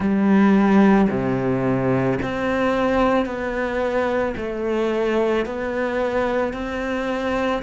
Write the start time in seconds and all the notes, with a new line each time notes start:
0.00 G3
1.09 C3
2.22 C4
3.25 B3
4.36 A3
5.45 B3
6.53 C4